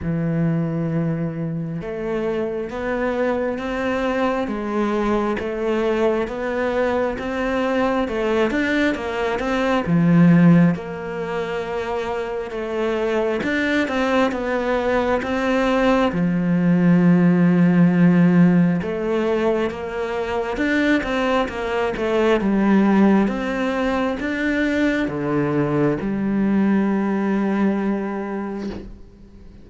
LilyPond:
\new Staff \with { instrumentName = "cello" } { \time 4/4 \tempo 4 = 67 e2 a4 b4 | c'4 gis4 a4 b4 | c'4 a8 d'8 ais8 c'8 f4 | ais2 a4 d'8 c'8 |
b4 c'4 f2~ | f4 a4 ais4 d'8 c'8 | ais8 a8 g4 c'4 d'4 | d4 g2. | }